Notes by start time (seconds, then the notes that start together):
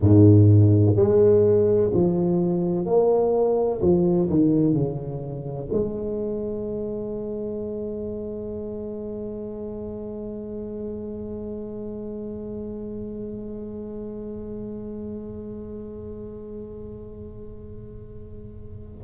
0.00 G#2
0.95 G#3
1.93 F3
2.85 A#3
3.81 F3
4.29 D#3
4.73 C#3
5.72 G#3